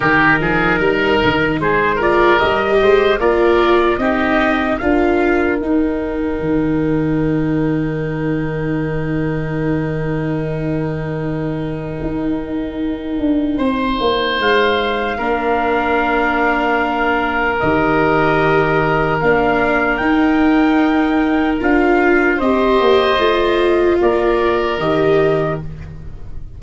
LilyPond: <<
  \new Staff \with { instrumentName = "trumpet" } { \time 4/4 \tempo 4 = 75 ais'2 c''8 d''8 dis''4 | d''4 dis''4 f''4 g''4~ | g''1~ | g''1~ |
g''2 f''2~ | f''2 dis''2 | f''4 g''2 f''4 | dis''2 d''4 dis''4 | }
  \new Staff \with { instrumentName = "oboe" } { \time 4/4 g'8 gis'8 ais'4 gis'8 ais'4 c''8 | ais'4 g'4 ais'2~ | ais'1~ | ais'1~ |
ais'4 c''2 ais'4~ | ais'1~ | ais'1 | c''2 ais'2 | }
  \new Staff \with { instrumentName = "viola" } { \time 4/4 dis'2~ dis'8 f'8 g'4 | f'4 dis'4 f'4 dis'4~ | dis'1~ | dis'1~ |
dis'2. d'4~ | d'2 g'2 | d'4 dis'2 f'4 | g'4 f'2 g'4 | }
  \new Staff \with { instrumentName = "tuba" } { \time 4/4 dis8 f8 g8 dis8 gis4 g8 gis8 | ais4 c'4 d'4 dis'4 | dis1~ | dis2. dis'4~ |
dis'8 d'8 c'8 ais8 gis4 ais4~ | ais2 dis2 | ais4 dis'2 d'4 | c'8 ais8 a4 ais4 dis4 | }
>>